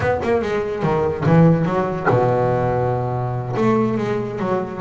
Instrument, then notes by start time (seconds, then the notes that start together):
double bass
0.00 B3
0.23 A#3
0.41 G#3
0.82 D#3
1.26 E3
1.65 F#3
2.09 B2
3.56 A3
3.97 G#3
4.39 F#3